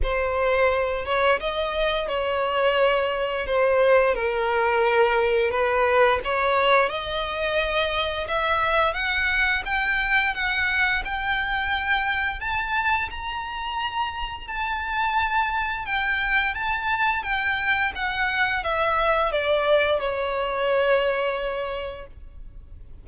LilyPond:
\new Staff \with { instrumentName = "violin" } { \time 4/4 \tempo 4 = 87 c''4. cis''8 dis''4 cis''4~ | cis''4 c''4 ais'2 | b'4 cis''4 dis''2 | e''4 fis''4 g''4 fis''4 |
g''2 a''4 ais''4~ | ais''4 a''2 g''4 | a''4 g''4 fis''4 e''4 | d''4 cis''2. | }